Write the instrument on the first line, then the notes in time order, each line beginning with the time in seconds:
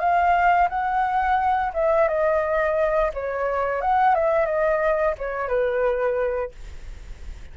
flute
0.00 F5
0.70 F#5
1.74 E5
2.08 D#5
3.14 C#5
3.82 F#5
4.15 E5
4.46 D#5
5.18 C#5
5.49 B4